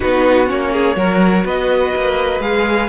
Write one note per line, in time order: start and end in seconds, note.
0.00 0.51 B3
0.00 0.46 D#4
0.00 0.72 F#4
0.00 0.46 B4
0.46 0.96 A#3
0.46 0.95 C#4
0.46 1.46 C#5
0.72 0.96 G#4
0.96 1.44 F#3
0.96 2.41 F#4
0.96 1.45 A#4
1.45 1.93 B3
1.45 2.88 B4
1.45 2.41 D#5
1.95 2.39 A#3
2.39 2.88 G#3
2.39 2.88 G#4
2.39 2.88 F5